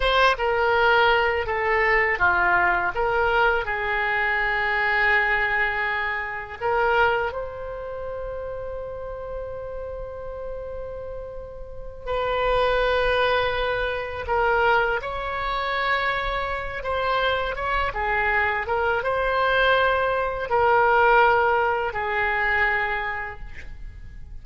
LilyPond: \new Staff \with { instrumentName = "oboe" } { \time 4/4 \tempo 4 = 82 c''8 ais'4. a'4 f'4 | ais'4 gis'2.~ | gis'4 ais'4 c''2~ | c''1~ |
c''8 b'2. ais'8~ | ais'8 cis''2~ cis''8 c''4 | cis''8 gis'4 ais'8 c''2 | ais'2 gis'2 | }